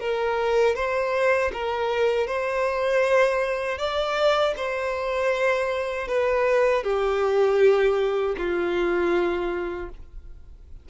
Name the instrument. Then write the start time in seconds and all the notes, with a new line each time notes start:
violin
0.00 A#4
0.76 C5
1.53 A#4
2.27 C5
3.78 D5
4.57 C5
6.08 B4
6.84 G4
8.38 F4